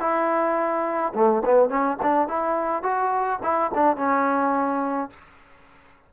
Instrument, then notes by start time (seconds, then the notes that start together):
trombone
0.00 E4
1.14 A3
1.45 B3
1.69 C#4
2.02 D4
2.28 E4
2.83 F#4
3.43 E4
3.74 D4
3.97 C#4